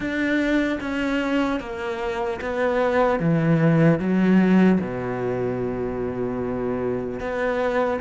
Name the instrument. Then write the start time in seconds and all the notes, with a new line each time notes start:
cello
0.00 D4
0.80 C#4
1.60 A#3
2.41 B3
3.19 E3
3.99 F#3
4.80 B2
7.20 B3